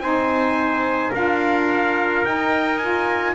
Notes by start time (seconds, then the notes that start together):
0.00 C4 D#4 C5 G#5
1.11 D4 F4 A#4 F5
2.25 D#4 G5
2.78 F4 G#5